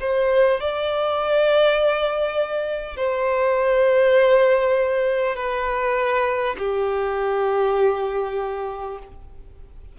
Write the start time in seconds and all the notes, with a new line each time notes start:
0.00 C5
0.60 D5
2.97 C5
5.36 B4
6.58 G4